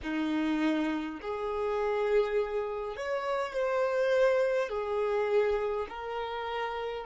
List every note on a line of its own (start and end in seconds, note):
0.02 1.20 D#4
1.21 2.96 G#4
2.96 3.52 C#5
3.52 4.68 C5
4.68 5.86 G#4
5.89 7.06 A#4